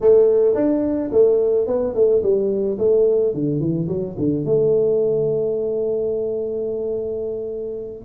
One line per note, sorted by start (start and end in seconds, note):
0.01 0.54 A3
0.54 1.10 D4
1.11 1.67 A3
1.67 1.94 B3
1.94 2.22 A3
2.22 2.78 G3
2.78 3.34 A3
3.34 3.60 D3
3.60 3.87 E3
3.88 4.15 F#3
4.18 4.45 D3
4.45 8.05 A3